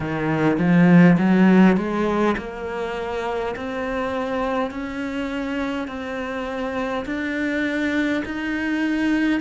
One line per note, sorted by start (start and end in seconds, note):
0.00 0.57 D#3
0.58 1.17 F3
1.18 1.76 F#3
1.76 2.35 G#3
2.37 3.55 A#3
3.56 4.71 C4
4.71 5.87 C#4
5.87 7.05 C4
7.05 8.23 D4
8.25 9.40 D#4